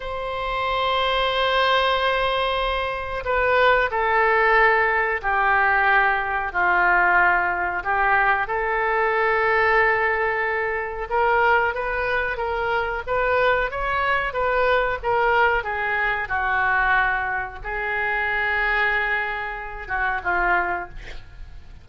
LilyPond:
\new Staff \with { instrumentName = "oboe" } { \time 4/4 \tempo 4 = 92 c''1~ | c''4 b'4 a'2 | g'2 f'2 | g'4 a'2.~ |
a'4 ais'4 b'4 ais'4 | b'4 cis''4 b'4 ais'4 | gis'4 fis'2 gis'4~ | gis'2~ gis'8 fis'8 f'4 | }